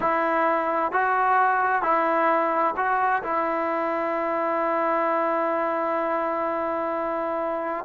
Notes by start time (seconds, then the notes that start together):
0.00 E4
0.92 F#4
1.82 E4
2.76 F#4
3.23 E4